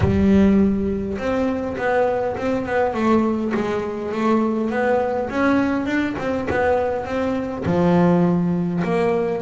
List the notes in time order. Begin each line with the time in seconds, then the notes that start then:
0.00 G3
1.17 C4
1.77 B3
2.36 C4
2.65 B3
2.94 A3
3.54 G#3
4.12 A3
4.70 B3
5.29 C#4
5.86 D4
6.18 C4
6.49 B3
7.05 C4
7.65 F3
8.84 A#3